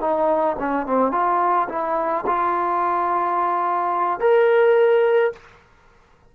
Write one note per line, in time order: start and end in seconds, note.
0.00 0.56 D#4
0.59 0.86 C#4
0.86 1.11 C4
1.11 1.67 F4
1.68 2.25 E4
2.26 4.20 F4
4.20 5.32 A#4